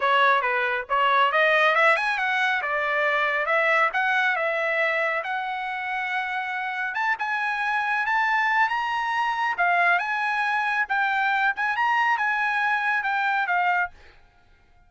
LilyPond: \new Staff \with { instrumentName = "trumpet" } { \time 4/4 \tempo 4 = 138 cis''4 b'4 cis''4 dis''4 | e''8 gis''8 fis''4 d''2 | e''4 fis''4 e''2 | fis''1 |
a''8 gis''2 a''4. | ais''2 f''4 gis''4~ | gis''4 g''4. gis''8 ais''4 | gis''2 g''4 f''4 | }